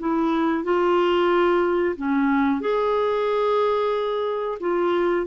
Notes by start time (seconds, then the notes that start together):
0.00 E4
0.64 F4
1.97 C#4
2.61 G#4
4.61 F4